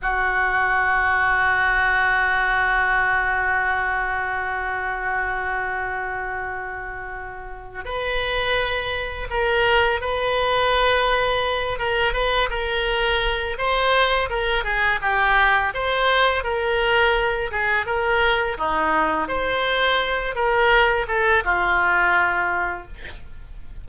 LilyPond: \new Staff \with { instrumentName = "oboe" } { \time 4/4 \tempo 4 = 84 fis'1~ | fis'1~ | fis'2. b'4~ | b'4 ais'4 b'2~ |
b'8 ais'8 b'8 ais'4. c''4 | ais'8 gis'8 g'4 c''4 ais'4~ | ais'8 gis'8 ais'4 dis'4 c''4~ | c''8 ais'4 a'8 f'2 | }